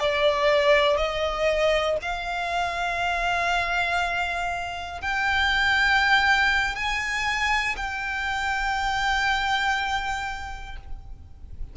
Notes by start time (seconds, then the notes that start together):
0.00 D5
0.97 D#5
2.02 F5
5.01 G5
6.75 G#5
7.76 G5